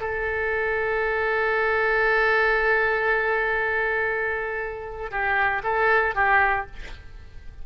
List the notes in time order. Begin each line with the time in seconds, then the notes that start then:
0.00 A4
5.11 G4
5.64 A4
6.15 G4